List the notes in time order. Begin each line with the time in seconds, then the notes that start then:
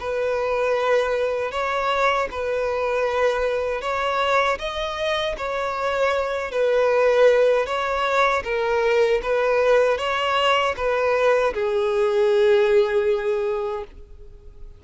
0.00 B4
1.52 C#5
2.31 B4
3.81 C#5
4.59 D#5
5.38 C#5
6.51 B4
7.66 C#5
8.44 A#4
9.23 B4
9.98 C#5
10.77 B4
11.54 G#4